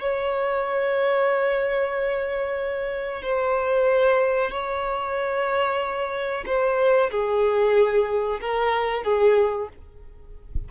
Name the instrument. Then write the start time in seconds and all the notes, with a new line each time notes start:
violin
0.00 C#5
3.22 C5
4.51 C#5
6.46 C5
7.11 G#4
8.40 A#4
9.04 G#4